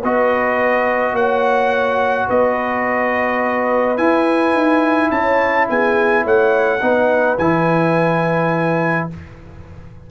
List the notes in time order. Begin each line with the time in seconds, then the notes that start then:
0.00 B3 F#4 B4 D#5
1.12 A#3 C#5 F#5
2.26 B3 B4 D#5
3.97 E4 G#5
4.53 D#4
5.10 C#4 C#5 A5
5.69 B3 G#4 G#5
6.23 A3 C#5 F#5
6.81 B3 D#4 B4
7.38 E3 E4 G#5